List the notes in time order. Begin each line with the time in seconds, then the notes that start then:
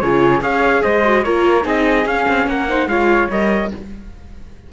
0.00 C#3 F4 G#4 C#5
0.41 C#4 G#4 C#5 F5
0.83 G#3 C5 D#5
1.05 F#4
1.24 A#3 F4 A#4 C#5
1.63 C4 D#4 G#4 D#5
2.06 C#4 F5
2.29 C4
2.47 A#3 A#4 F#5
2.69 D#4 C5
2.87 G#3 F4 C#5 F5
3.31 G3 A#4 D#5